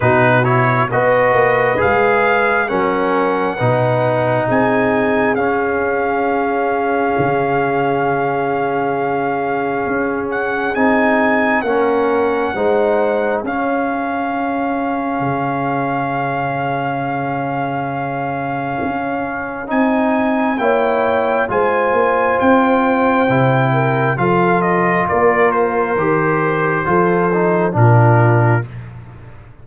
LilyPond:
<<
  \new Staff \with { instrumentName = "trumpet" } { \time 4/4 \tempo 4 = 67 b'8 cis''8 dis''4 f''4 fis''4~ | fis''4 gis''4 f''2~ | f''2.~ f''8 fis''8 | gis''4 fis''2 f''4~ |
f''1~ | f''2 gis''4 g''4 | gis''4 g''2 f''8 dis''8 | d''8 c''2~ c''8 ais'4 | }
  \new Staff \with { instrumentName = "horn" } { \time 4/4 fis'4 b'2 ais'4 | b'4 gis'2.~ | gis'1~ | gis'4 ais'4 c''4 gis'4~ |
gis'1~ | gis'2. cis''4 | c''2~ c''8 ais'8 a'4 | ais'2 a'4 f'4 | }
  \new Staff \with { instrumentName = "trombone" } { \time 4/4 dis'8 e'8 fis'4 gis'4 cis'4 | dis'2 cis'2~ | cis'1 | dis'4 cis'4 dis'4 cis'4~ |
cis'1~ | cis'2 dis'4 e'4 | f'2 e'4 f'4~ | f'4 g'4 f'8 dis'8 d'4 | }
  \new Staff \with { instrumentName = "tuba" } { \time 4/4 b,4 b8 ais8 gis4 fis4 | b,4 c'4 cis'2 | cis2. cis'4 | c'4 ais4 gis4 cis'4~ |
cis'4 cis2.~ | cis4 cis'4 c'4 ais4 | gis8 ais8 c'4 c4 f4 | ais4 dis4 f4 ais,4 | }
>>